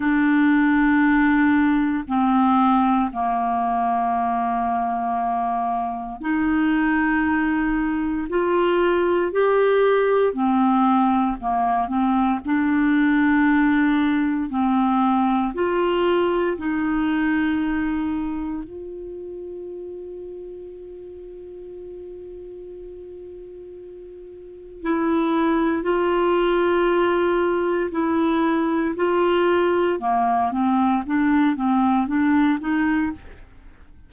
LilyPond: \new Staff \with { instrumentName = "clarinet" } { \time 4/4 \tempo 4 = 58 d'2 c'4 ais4~ | ais2 dis'2 | f'4 g'4 c'4 ais8 c'8 | d'2 c'4 f'4 |
dis'2 f'2~ | f'1 | e'4 f'2 e'4 | f'4 ais8 c'8 d'8 c'8 d'8 dis'8 | }